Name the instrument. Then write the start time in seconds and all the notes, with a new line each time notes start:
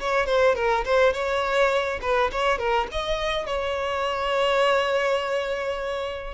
violin
0.00 C#5
0.26 C5
0.56 A#4
0.85 C5
1.13 C#5
2.02 B4
2.32 C#5
2.58 A#4
2.92 D#5
3.47 C#5